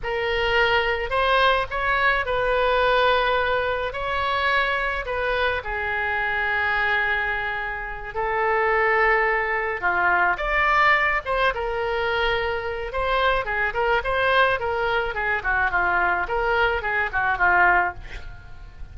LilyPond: \new Staff \with { instrumentName = "oboe" } { \time 4/4 \tempo 4 = 107 ais'2 c''4 cis''4 | b'2. cis''4~ | cis''4 b'4 gis'2~ | gis'2~ gis'8 a'4.~ |
a'4. f'4 d''4. | c''8 ais'2~ ais'8 c''4 | gis'8 ais'8 c''4 ais'4 gis'8 fis'8 | f'4 ais'4 gis'8 fis'8 f'4 | }